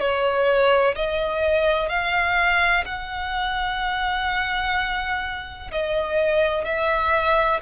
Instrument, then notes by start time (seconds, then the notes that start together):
violin
0.00 C#5
0.96 D#5
1.89 F5
2.86 F#5
5.71 D#5
6.65 E5